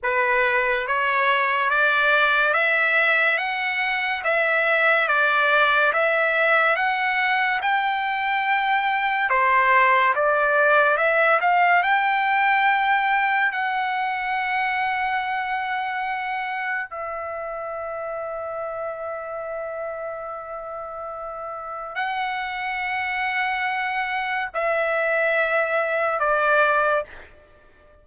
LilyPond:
\new Staff \with { instrumentName = "trumpet" } { \time 4/4 \tempo 4 = 71 b'4 cis''4 d''4 e''4 | fis''4 e''4 d''4 e''4 | fis''4 g''2 c''4 | d''4 e''8 f''8 g''2 |
fis''1 | e''1~ | e''2 fis''2~ | fis''4 e''2 d''4 | }